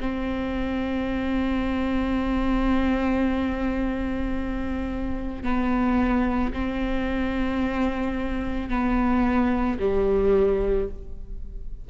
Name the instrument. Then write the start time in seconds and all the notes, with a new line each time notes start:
viola
0.00 C4
5.43 B3
6.53 C4
8.69 B3
9.79 G3